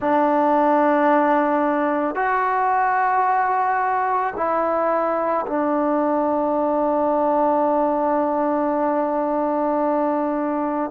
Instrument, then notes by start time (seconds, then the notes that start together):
trombone
0.00 D4
2.15 F#4
4.36 E4
5.46 D4